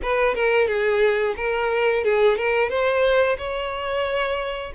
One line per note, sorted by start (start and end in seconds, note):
0.02 0.34 B4
0.34 0.67 A#4
0.67 1.35 G#4
1.36 2.03 A#4
2.04 2.37 G#4
2.37 2.69 A#4
2.69 3.36 C5
3.37 4.72 C#5